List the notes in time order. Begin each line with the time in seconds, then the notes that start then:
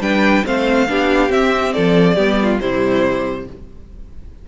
0.00 G3 D4 B4 G5
0.45 A3 C4 C5 F5
0.88 B3 D4 G4
1.29 C4 E5
1.73 F3 A4 D5
2.15 G3 B3 G4
2.43 F4
2.60 C3 G3 E4 C5